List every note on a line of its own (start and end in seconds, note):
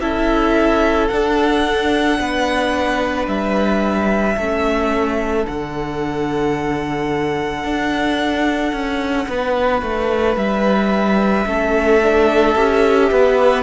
0.00 1.09 C#4
0.00 1.10 E4
0.00 2.19 A4
0.00 1.07 E5
1.07 2.18 D4
1.07 4.38 D4
1.07 3.25 F#5
2.18 3.27 B3
2.18 4.36 B4
3.27 4.36 G3
3.27 5.46 E5
4.36 5.45 A3
4.36 5.46 C#4
4.36 9.27 A4
5.46 7.64 D3
5.46 11.45 D4
5.46 10.36 F#5
7.64 8.72 D4
8.72 9.27 C#4
9.28 9.82 B3
9.28 11.47 B4
9.82 10.36 A3
10.36 11.45 G3
10.36 13.63 E5
11.45 12.55 A3
11.45 12.00 C#4
11.45 13.10 A4
12.02 12.56 D4
12.56 13.10 C#4
12.56 13.63 G4
13.11 13.63 B3
13.11 13.63 B4